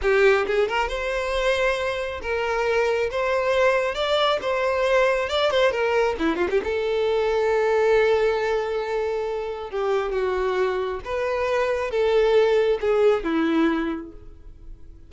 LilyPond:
\new Staff \with { instrumentName = "violin" } { \time 4/4 \tempo 4 = 136 g'4 gis'8 ais'8 c''2~ | c''4 ais'2 c''4~ | c''4 d''4 c''2 | d''8 c''8 ais'4 e'8 f'16 g'16 a'4~ |
a'1~ | a'2 g'4 fis'4~ | fis'4 b'2 a'4~ | a'4 gis'4 e'2 | }